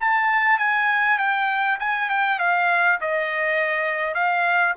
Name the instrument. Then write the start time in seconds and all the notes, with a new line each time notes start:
trumpet
0.00 A5
0.58 G#5
1.18 G5
1.79 G#5
2.09 G5
2.39 F5
3.01 D#5
4.14 F5